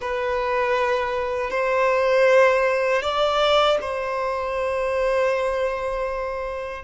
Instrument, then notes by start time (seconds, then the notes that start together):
violin
0.01 B4
1.50 C5
3.02 D5
3.81 C5